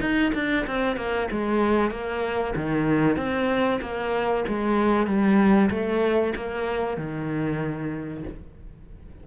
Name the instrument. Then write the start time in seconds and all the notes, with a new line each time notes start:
cello
0.00 D#4
0.34 D4
0.66 C4
0.96 A#3
1.31 G#3
1.90 A#3
2.55 D#3
3.16 C4
3.81 A#3
4.48 G#3
5.06 G3
5.70 A3
6.36 A#3
6.97 D#3